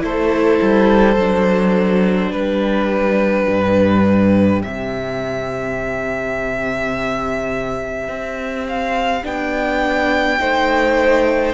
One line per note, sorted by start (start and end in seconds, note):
0.00 0.61 A3
0.00 1.15 E4
0.00 2.32 A4
0.00 2.32 C5
0.62 1.16 G3
1.16 2.32 F#3
1.16 4.62 D4
2.32 3.47 G3
2.32 10.40 G4
2.32 4.63 B4
3.49 4.64 G2
4.62 8.09 C3
4.62 9.24 C4
4.62 8.68 E5
8.09 9.24 C4
8.69 9.26 F5
9.24 10.40 B3
9.24 10.39 D4
9.24 11.55 G5
10.40 11.55 A3
10.40 11.55 D#4
10.40 11.55 C5